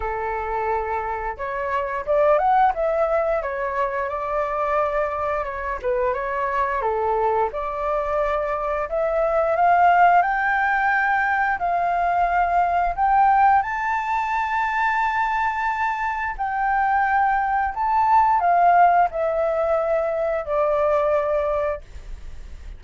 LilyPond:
\new Staff \with { instrumentName = "flute" } { \time 4/4 \tempo 4 = 88 a'2 cis''4 d''8 fis''8 | e''4 cis''4 d''2 | cis''8 b'8 cis''4 a'4 d''4~ | d''4 e''4 f''4 g''4~ |
g''4 f''2 g''4 | a''1 | g''2 a''4 f''4 | e''2 d''2 | }